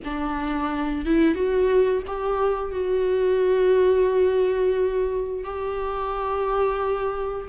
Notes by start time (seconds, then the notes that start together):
0.04 D4
1.05 E4
1.35 F#4
2.06 G4
2.71 F#4
5.44 G4